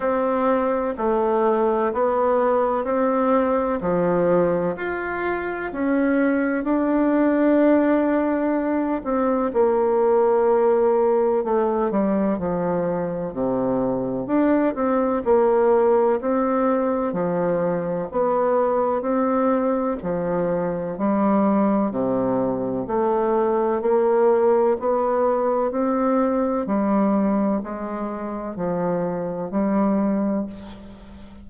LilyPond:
\new Staff \with { instrumentName = "bassoon" } { \time 4/4 \tempo 4 = 63 c'4 a4 b4 c'4 | f4 f'4 cis'4 d'4~ | d'4. c'8 ais2 | a8 g8 f4 c4 d'8 c'8 |
ais4 c'4 f4 b4 | c'4 f4 g4 c4 | a4 ais4 b4 c'4 | g4 gis4 f4 g4 | }